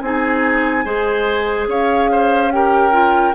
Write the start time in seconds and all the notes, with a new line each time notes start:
0.00 C4 D#4 G#4 G#5
0.85 G#3 G#4 C5
1.68 C#4 C#5 F5
2.12 C5
2.52 G4 A#4 G5
2.92 F4